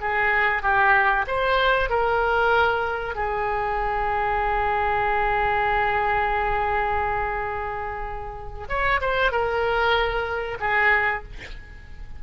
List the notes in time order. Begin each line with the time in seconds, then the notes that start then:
0.00 G#4
0.62 G4
1.27 C5
1.89 A#4
3.15 G#4
8.68 C#5
9.00 C5
9.31 A#4
10.60 G#4